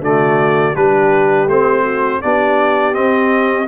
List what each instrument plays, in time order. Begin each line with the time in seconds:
0.00 tuba D3, trombone A3, horn F#4, trumpet D5
0.75 tuba G3, trombone D4, horn G4, trumpet B4
1.48 tuba A3, trombone C4, trumpet C5
1.83 horn F#4
2.22 tuba B3, trombone D4, horn G4, trumpet D5
2.94 trombone C4, tuba C4, trumpet D#5